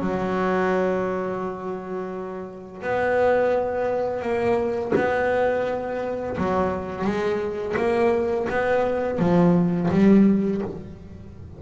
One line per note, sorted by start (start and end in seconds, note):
0.00 2.82 F#3
2.82 4.22 B3
4.22 4.92 A#3
4.95 6.36 B3
6.37 7.04 F#3
7.04 7.75 G#3
7.76 8.47 A#3
8.49 9.18 B3
9.18 9.89 F3
9.90 10.61 G3